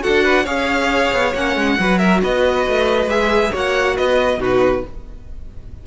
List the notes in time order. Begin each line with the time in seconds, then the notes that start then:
0.00 F#4 A4 F#5
0.08 D4
0.25 B4
0.44 C#4 G#4 C#5 F5
1.13 B3
1.35 A#3 C#4 F#5
1.56 G#3
1.79 F#3 F#4 B4
1.98 A#4 E5
2.23 B3 B4 D#5
2.68 A3
3.07 G#3 G#4 E5
3.52 A#3 F#4 C#5 F#5
3.96 B3 B4 D#5
4.38 B2 D#4 F#4 B4